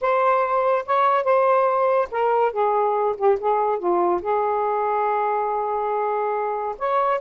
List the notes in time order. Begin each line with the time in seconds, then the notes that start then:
0.01 C5
0.86 C#5
1.24 C5
2.11 A#4
2.52 G#4
3.17 G4
3.40 G#4
3.78 F4
4.22 G#4
6.78 C#5